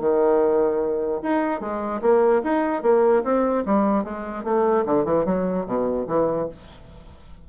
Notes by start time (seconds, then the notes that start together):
0.00 D#3
1.23 D#4
1.61 G#3
2.02 A#3
2.44 D#4
2.83 A#3
3.24 C4
3.66 G3
4.04 G#3
4.44 A3
4.86 D3
5.05 E3
5.26 F#3
5.66 B2
6.08 E3